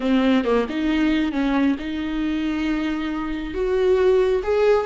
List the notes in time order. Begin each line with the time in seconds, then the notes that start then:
0.00 C4
0.44 A#3
0.69 D#4
1.32 C#4
1.79 D#4
3.54 F#4
4.43 G#4